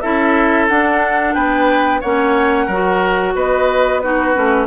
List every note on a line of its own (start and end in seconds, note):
0.00 0.70 C#4
0.00 0.69 E4
0.00 1.34 A4
0.00 0.67 E5
0.67 2.03 D4
0.67 1.35 D4
0.67 1.33 F#5
1.33 2.01 B3
1.33 2.00 B4
1.33 2.00 G5
2.00 2.67 A#3
2.00 2.70 C#4
2.00 2.66 C#5
2.00 3.35 F#5
2.66 3.34 F#3
2.66 4.03 F#4
2.66 3.32 A#4
3.34 4.34 B3
3.34 4.02 B4
3.34 4.00 D#5
4.00 4.34 D#4
4.00 4.66 F#4
4.00 4.66 B4
4.34 4.66 A3
4.34 4.66 C#4